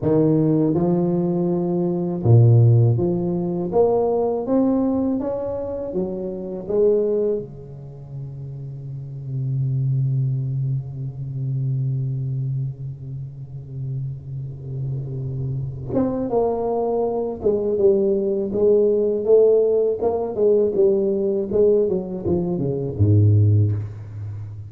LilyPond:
\new Staff \with { instrumentName = "tuba" } { \time 4/4 \tempo 4 = 81 dis4 f2 ais,4 | f4 ais4 c'4 cis'4 | fis4 gis4 cis2~ | cis1~ |
cis1~ | cis4. c'8 ais4. gis8 | g4 gis4 a4 ais8 gis8 | g4 gis8 fis8 f8 cis8 gis,4 | }